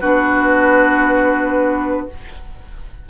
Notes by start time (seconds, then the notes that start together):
0.00 B3 D4 F#4 B4